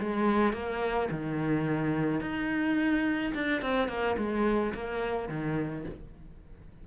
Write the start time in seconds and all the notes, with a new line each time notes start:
0.00 G#3
0.53 A#3
1.10 D#3
2.20 D#4
3.34 D4
3.61 C4
3.88 A#3
4.17 G#3
4.74 A#3
5.28 D#3